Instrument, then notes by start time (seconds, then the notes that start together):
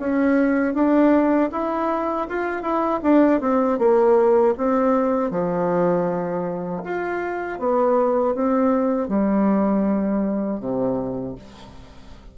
bassoon
0.00 C#4
0.75 D4
1.52 E4
2.29 F4
2.63 E4
3.03 D4
3.41 C4
3.79 A#3
4.58 C4
5.31 F3
6.84 F4
7.59 B3
8.35 C4
9.08 G3
10.60 C3